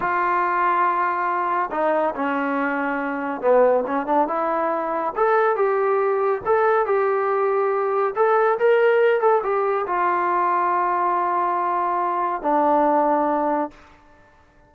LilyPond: \new Staff \with { instrumentName = "trombone" } { \time 4/4 \tempo 4 = 140 f'1 | dis'4 cis'2. | b4 cis'8 d'8 e'2 | a'4 g'2 a'4 |
g'2. a'4 | ais'4. a'8 g'4 f'4~ | f'1~ | f'4 d'2. | }